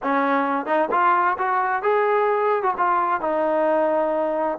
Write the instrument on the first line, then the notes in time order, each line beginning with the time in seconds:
trombone
0.02 C#4
0.66 D#4
0.91 F4
1.38 F#4
1.82 G#4
2.62 F#4
2.77 F4
3.21 D#4